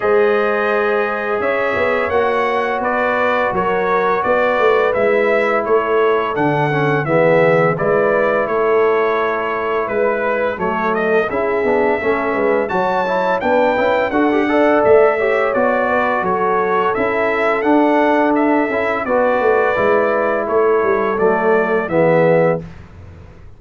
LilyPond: <<
  \new Staff \with { instrumentName = "trumpet" } { \time 4/4 \tempo 4 = 85 dis''2 e''4 fis''4 | d''4 cis''4 d''4 e''4 | cis''4 fis''4 e''4 d''4 | cis''2 b'4 cis''8 dis''8 |
e''2 a''4 g''4 | fis''4 e''4 d''4 cis''4 | e''4 fis''4 e''4 d''4~ | d''4 cis''4 d''4 e''4 | }
  \new Staff \with { instrumentName = "horn" } { \time 4/4 c''2 cis''2 | b'4 ais'4 b'2 | a'2 gis'4 b'4 | a'2 b'4 a'4 |
gis'4 a'8 b'8 cis''4 b'4 | a'8 d''4 cis''4 b'8 a'4~ | a'2. b'4~ | b'4 a'2 gis'4 | }
  \new Staff \with { instrumentName = "trombone" } { \time 4/4 gis'2. fis'4~ | fis'2. e'4~ | e'4 d'8 cis'8 b4 e'4~ | e'2. a4 |
e'8 d'8 cis'4 fis'8 e'8 d'8 e'8 | fis'16 g'16 a'4 g'8 fis'2 | e'4 d'4. e'8 fis'4 | e'2 a4 b4 | }
  \new Staff \with { instrumentName = "tuba" } { \time 4/4 gis2 cis'8 b8 ais4 | b4 fis4 b8 a8 gis4 | a4 d4 e4 gis4 | a2 gis4 fis4 |
cis'8 b8 a8 gis8 fis4 b8 cis'8 | d'4 a4 b4 fis4 | cis'4 d'4. cis'8 b8 a8 | gis4 a8 g8 fis4 e4 | }
>>